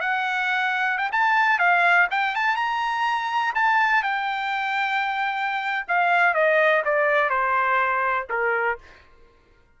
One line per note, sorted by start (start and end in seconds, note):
0.00 0.97 F#5
0.97 1.10 G5
1.12 1.59 A5
1.59 2.07 F5
2.10 2.35 G5
2.35 2.55 A5
2.55 3.53 A#5
3.55 4.02 A5
4.02 5.85 G5
5.87 6.34 F5
6.34 6.82 D#5
6.84 7.29 D5
7.29 8.27 C5
8.29 8.78 A#4